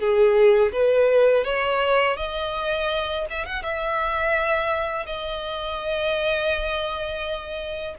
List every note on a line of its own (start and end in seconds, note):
0.00 0.72 G#4
0.73 1.45 B4
1.45 2.17 C#5
2.17 3.26 D#5
3.30 3.46 E5
3.46 3.63 F#5
3.63 5.06 E5
5.06 7.96 D#5